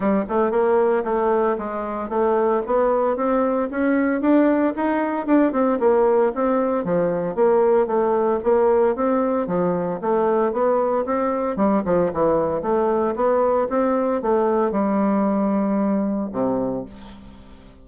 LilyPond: \new Staff \with { instrumentName = "bassoon" } { \time 4/4 \tempo 4 = 114 g8 a8 ais4 a4 gis4 | a4 b4 c'4 cis'4 | d'4 dis'4 d'8 c'8 ais4 | c'4 f4 ais4 a4 |
ais4 c'4 f4 a4 | b4 c'4 g8 f8 e4 | a4 b4 c'4 a4 | g2. c4 | }